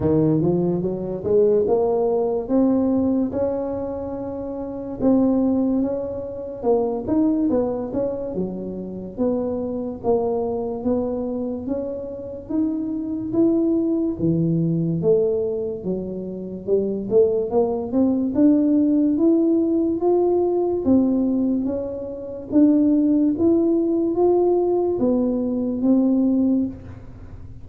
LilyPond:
\new Staff \with { instrumentName = "tuba" } { \time 4/4 \tempo 4 = 72 dis8 f8 fis8 gis8 ais4 c'4 | cis'2 c'4 cis'4 | ais8 dis'8 b8 cis'8 fis4 b4 | ais4 b4 cis'4 dis'4 |
e'4 e4 a4 fis4 | g8 a8 ais8 c'8 d'4 e'4 | f'4 c'4 cis'4 d'4 | e'4 f'4 b4 c'4 | }